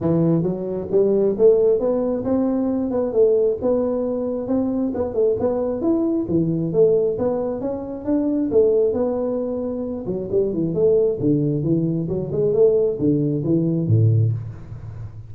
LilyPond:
\new Staff \with { instrumentName = "tuba" } { \time 4/4 \tempo 4 = 134 e4 fis4 g4 a4 | b4 c'4. b8 a4 | b2 c'4 b8 a8 | b4 e'4 e4 a4 |
b4 cis'4 d'4 a4 | b2~ b8 fis8 g8 e8 | a4 d4 e4 fis8 gis8 | a4 d4 e4 a,4 | }